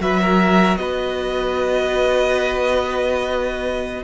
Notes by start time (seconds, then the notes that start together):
0.00 F#3 F#4 B4 E5
0.21 A#4
0.77 B3 B4 D#5